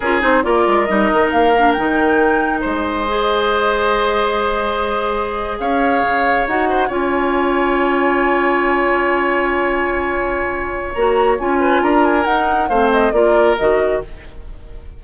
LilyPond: <<
  \new Staff \with { instrumentName = "flute" } { \time 4/4 \tempo 4 = 137 ais'8 c''8 d''4 dis''4 f''4 | g''2 dis''2~ | dis''1~ | dis''8. f''2 fis''4 gis''16~ |
gis''1~ | gis''1~ | gis''4 ais''4 gis''4 ais''8 gis''8 | fis''4 f''8 dis''8 d''4 dis''4 | }
  \new Staff \with { instrumentName = "oboe" } { \time 4/4 gis'4 ais'2.~ | ais'2 c''2~ | c''1~ | c''8. cis''2~ cis''8 c''8 cis''16~ |
cis''1~ | cis''1~ | cis''2~ cis''8 b'8 ais'4~ | ais'4 c''4 ais'2 | }
  \new Staff \with { instrumentName = "clarinet" } { \time 4/4 f'8 dis'8 f'4 dis'4. d'8 | dis'2. gis'4~ | gis'1~ | gis'2~ gis'8. fis'4 f'16~ |
f'1~ | f'1~ | f'4 fis'4 f'2 | dis'4 c'4 f'4 fis'4 | }
  \new Staff \with { instrumentName = "bassoon" } { \time 4/4 cis'8 c'8 ais8 gis8 g8 dis8 ais4 | dis2 gis2~ | gis1~ | gis8. cis'4 cis4 dis'4 cis'16~ |
cis'1~ | cis'1~ | cis'4 ais4 cis'4 d'4 | dis'4 a4 ais4 dis4 | }
>>